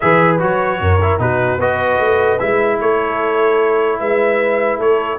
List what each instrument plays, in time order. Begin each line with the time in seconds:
0.00 tuba E3, trombone G#4, horn B4, trumpet E5
0.39 tuba F#3, trombone F#4, trumpet C#5
0.80 tuba F#2, horn A#4
1.02 trombone E4
1.19 tuba B2, trombone D#4, horn F#4, trumpet B4
1.58 tuba B3, trombone F#4, horn B4, trumpet D#5
1.98 tuba A3
2.39 tuba G#3, trombone E4, trumpet E5
2.80 tuba A3, horn A4, trumpet C#5
3.99 tuba G#3, horn B4, trumpet E5
4.77 tuba A3, horn A4, trumpet C#5